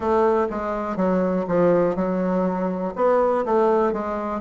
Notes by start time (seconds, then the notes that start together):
0.00 A3
0.50 G#3
0.96 F#3
1.47 F3
1.95 F#3
2.95 B3
3.45 A3
3.92 G#3